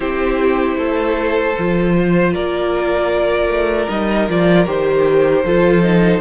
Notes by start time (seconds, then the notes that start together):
0.00 C4 E4 G4 C5
0.76 A3 A4
1.58 F3 F4
1.96 C5
2.34 A#3 A#4 D5
3.47 A3
3.88 G3 D#4 D#5
4.28 F3 F4 D5
4.66 D#3 G4 C5
5.44 F3 F4 A4
5.82 D#4